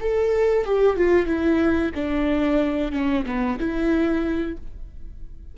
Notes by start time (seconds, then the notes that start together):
0.00 A4
0.65 G4
0.96 F4
1.26 E4
1.94 D4
2.91 C#4
3.25 B3
3.59 E4